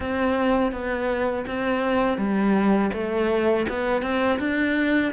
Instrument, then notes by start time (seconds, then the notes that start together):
cello
0.00 C4
0.72 B3
1.46 C4
2.17 G3
2.93 A3
3.69 B3
4.02 C4
4.39 D4